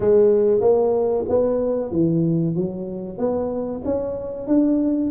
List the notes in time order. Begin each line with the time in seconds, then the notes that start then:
0.00 G#3
0.60 A#3
1.28 B3
1.91 E3
2.55 F#3
3.17 B3
3.84 C#4
4.47 D4